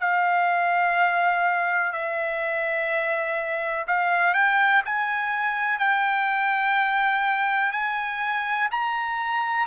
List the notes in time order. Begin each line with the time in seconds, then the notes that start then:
0.00 F5
1.93 E5
3.87 F5
4.34 G5
4.85 G#5
5.79 G5
7.72 G#5
8.71 A#5